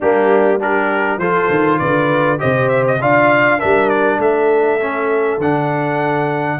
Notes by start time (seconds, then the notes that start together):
0.00 G3 A#3 D4 G4
0.58 D4 G4 A#4
1.17 F3 F4 A4 C5
1.49 D#3
1.78 D3 B4 D5
2.38 C3 G4 C5 D#5
2.69 E5
2.87 D#5
3.00 D4 F4 D5 F5
3.59 G3 D4 A#4 E5
3.89 D5
4.18 A3 A4 E5
4.80 C#4
5.38 D3 D4 F#5